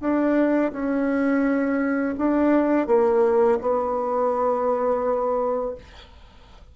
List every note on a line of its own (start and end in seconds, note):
0.00 0.71 D4
0.72 2.15 C#4
2.18 2.86 D4
2.86 3.58 A#3
3.60 5.75 B3